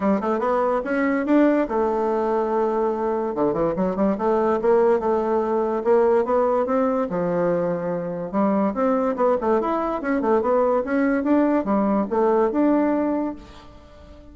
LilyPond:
\new Staff \with { instrumentName = "bassoon" } { \time 4/4 \tempo 4 = 144 g8 a8 b4 cis'4 d'4 | a1 | d8 e8 fis8 g8 a4 ais4 | a2 ais4 b4 |
c'4 f2. | g4 c'4 b8 a8 e'4 | cis'8 a8 b4 cis'4 d'4 | g4 a4 d'2 | }